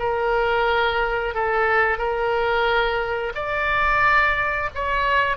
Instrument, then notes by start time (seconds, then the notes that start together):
oboe
0.00 A#4
1.35 A4
1.99 A#4
3.36 D5
4.75 C#5